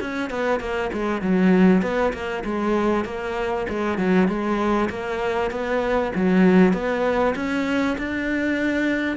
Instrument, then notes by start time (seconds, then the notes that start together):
cello
0.00 C#4
0.30 B3
0.60 A#3
0.92 G#3
1.21 F#3
1.82 B3
2.13 A#3
2.44 G#3
3.05 A#3
3.69 G#3
3.98 F#3
4.27 G#3
4.89 A#3
5.50 B3
6.15 F#3
6.73 B3
7.35 C#4
7.98 D4